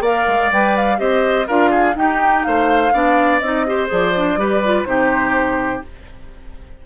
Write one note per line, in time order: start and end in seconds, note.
0.00 0.24 A#3
0.00 0.52 A#4
0.00 0.98 D5
0.00 0.52 F5
0.27 0.51 G#3
0.52 0.99 G3
0.52 0.97 B4
0.52 0.76 G5
0.76 0.99 F5
0.97 1.48 C4
0.97 1.46 G4
0.97 1.47 C5
0.97 1.47 D#5
1.47 1.96 D4
1.47 1.94 F4
1.47 1.70 A#4
1.47 1.96 F5
1.70 1.95 G#4
1.94 2.91 D#4
1.94 2.44 D#4
1.94 2.46 G4
1.94 2.44 G5
2.44 2.93 A3
2.44 2.93 C5
2.44 3.39 F5
2.93 3.41 B3
2.93 3.41 D4
2.93 3.66 D5
3.39 3.89 C4
3.39 3.67 D#4
3.39 3.88 D#5
3.67 3.87 G4
3.67 4.39 C5
3.87 4.36 F3
3.87 4.12 G#4
3.87 4.85 D5
4.16 4.38 D4
4.36 4.85 G3
4.36 4.62 G4
4.36 4.88 B4
4.64 4.85 F4
4.85 5.83 C3
4.85 5.82 D#4
4.85 5.86 G4
4.85 5.82 C5